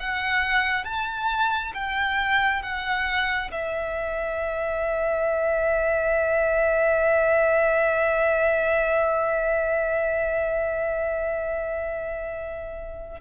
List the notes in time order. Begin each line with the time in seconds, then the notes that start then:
0.00 F#5
0.85 A5
1.74 G5
2.63 F#5
3.52 E5